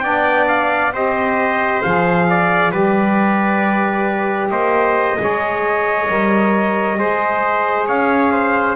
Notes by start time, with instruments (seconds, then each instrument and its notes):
0.00 double bass B3, saxophone D4, trumpet D5 G5
0.48 trumpet F5
0.93 double bass C4, saxophone G4, trumpet C5 D#5
1.82 double bass F3, saxophone G#4, trumpet F5
2.29 trumpet D5
2.72 double bass G3, saxophone G4, trumpet B4 D5
4.50 double bass A#3, trumpet C5 D#5
5.19 double bass G#3, saxophone G#4, trumpet C#5
6.09 double bass G3, saxophone A#4
6.98 double bass G#3, saxophone G#4, trumpet C5
7.87 double bass C#4, trumpet C#5 F5
8.32 trumpet C5